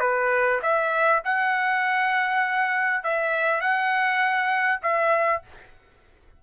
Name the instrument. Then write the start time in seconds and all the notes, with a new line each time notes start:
trumpet
0.00 B4
0.62 E5
1.24 F#5
3.04 E5
3.61 F#5
4.82 E5